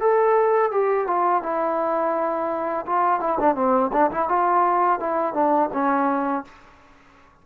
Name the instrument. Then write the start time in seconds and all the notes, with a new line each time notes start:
trombone
0.00 A4
0.71 G4
1.07 F4
1.43 E4
2.86 F4
3.20 E4
3.39 D4
3.55 C4
3.93 D4
4.11 E4
4.29 F4
4.99 E4
5.34 D4
5.73 C#4